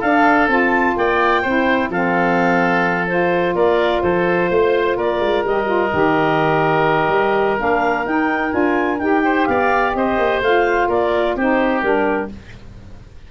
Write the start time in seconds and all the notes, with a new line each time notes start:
0.00 D4 A4 F5
0.48 C4 F4 A5
0.97 A#3 D5 G5
1.42 C4 E4 C5
1.89 F3 C4 A4 F5
3.07 F4 C5
3.55 A#3 A#4 D5
4.02 F3 A4 C5
4.50 A3 C5
4.97 A#3 A#4 D5
5.20 G#3
5.45 G3 G4 D#5
5.65 F4
5.92 D#3 G4
7.08 G3
7.58 A#3 D4 F5
8.05 D#4 G5
8.50 D4 F4 G#5
8.99 D#4 G4 G5
9.25 C5
9.45 B3 D5 F5
9.95 C4 C5 D#5
10.18 A#3
10.42 A3 F4 F5
10.89 A#3 A#4 D5
11.36 C4 D#4 G4 C5
11.82 G3 D4 A#4